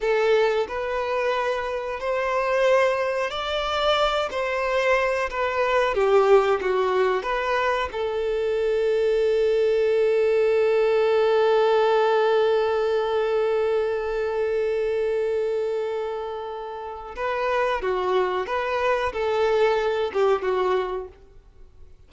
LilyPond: \new Staff \with { instrumentName = "violin" } { \time 4/4 \tempo 4 = 91 a'4 b'2 c''4~ | c''4 d''4. c''4. | b'4 g'4 fis'4 b'4 | a'1~ |
a'1~ | a'1~ | a'2 b'4 fis'4 | b'4 a'4. g'8 fis'4 | }